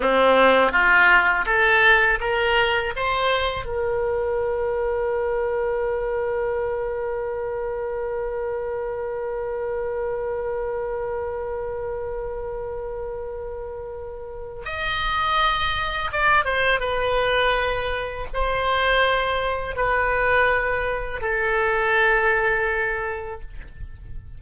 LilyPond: \new Staff \with { instrumentName = "oboe" } { \time 4/4 \tempo 4 = 82 c'4 f'4 a'4 ais'4 | c''4 ais'2.~ | ais'1~ | ais'1~ |
ais'1 | dis''2 d''8 c''8 b'4~ | b'4 c''2 b'4~ | b'4 a'2. | }